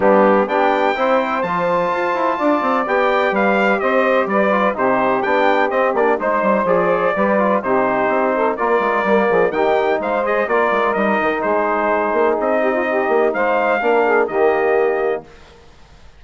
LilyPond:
<<
  \new Staff \with { instrumentName = "trumpet" } { \time 4/4 \tempo 4 = 126 g'4 g''2 a''4~ | a''2 g''4 f''4 | dis''4 d''4 c''4 g''4 | dis''8 d''8 c''4 d''2 |
c''2 d''2 | g''4 f''8 dis''8 d''4 dis''4 | c''2 dis''2 | f''2 dis''2 | }
  \new Staff \with { instrumentName = "saxophone" } { \time 4/4 d'4 g'4 c''2~ | c''4 d''2 b'4 | c''4 b'4 g'2~ | g'4 c''2 b'4 |
g'4. a'8 ais'4. gis'8 | g'4 c''4 ais'2 | gis'2~ gis'8 g'16 f'16 g'4 | c''4 ais'8 gis'8 g'2 | }
  \new Staff \with { instrumentName = "trombone" } { \time 4/4 b4 d'4 e'4 f'4~ | f'2 g'2~ | g'4. f'8 dis'4 d'4 | c'8 d'8 dis'4 gis'4 g'8 f'8 |
dis'2 f'4 ais4 | dis'4. gis'8 f'4 dis'4~ | dis'1~ | dis'4 d'4 ais2 | }
  \new Staff \with { instrumentName = "bassoon" } { \time 4/4 g4 b4 c'4 f4 | f'8 e'8 d'8 c'8 b4 g4 | c'4 g4 c4 b4 | c'8 ais8 gis8 g8 f4 g4 |
c4 c'4 ais8 gis8 g8 f8 | dis4 gis4 ais8 gis8 g8 dis8 | gis4. ais8 c'4. ais8 | gis4 ais4 dis2 | }
>>